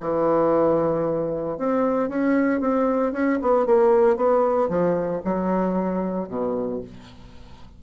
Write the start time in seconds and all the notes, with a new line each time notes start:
0.00 E3
1.58 C4
2.09 C#4
2.60 C4
3.12 C#4
3.41 B3
3.66 A#3
4.16 B3
4.69 F3
5.24 F#3
6.28 B2